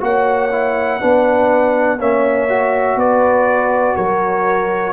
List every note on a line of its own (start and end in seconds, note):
0.00 1.01 A#3
0.00 0.49 F#4
0.00 1.01 C#5
0.00 2.01 F#5
0.52 1.00 E4
1.00 2.00 B3
1.00 1.99 D4
1.00 1.99 B4
1.99 2.96 A#3
1.99 2.49 C#4
1.99 2.98 C#5
1.99 2.99 E5
2.49 4.93 F#4
2.96 3.94 B3
2.96 3.95 B4
2.96 3.97 D5
3.95 4.93 F#3
3.95 4.93 A#4
3.95 4.93 C#5